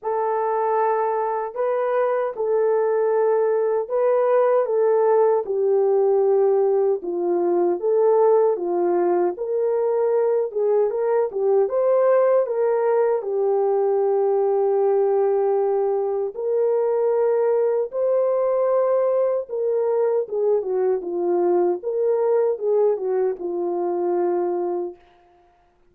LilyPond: \new Staff \with { instrumentName = "horn" } { \time 4/4 \tempo 4 = 77 a'2 b'4 a'4~ | a'4 b'4 a'4 g'4~ | g'4 f'4 a'4 f'4 | ais'4. gis'8 ais'8 g'8 c''4 |
ais'4 g'2.~ | g'4 ais'2 c''4~ | c''4 ais'4 gis'8 fis'8 f'4 | ais'4 gis'8 fis'8 f'2 | }